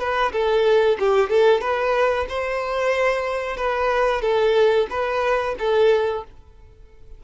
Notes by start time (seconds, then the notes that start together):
0.00 B4
0.33 A4
1.00 G4
1.30 A4
1.61 B4
2.29 C5
3.58 B4
4.22 A4
4.90 B4
5.59 A4